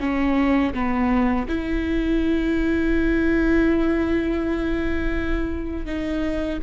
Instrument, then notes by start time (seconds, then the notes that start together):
viola
0.00 C#4
0.74 B3
1.48 E4
5.86 D#4